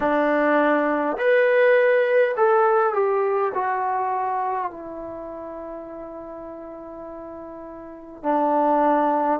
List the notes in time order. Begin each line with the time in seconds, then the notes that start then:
0.00 D4
1.17 B4
2.36 A4
2.93 G4
3.54 F#4
4.71 E4
8.22 D4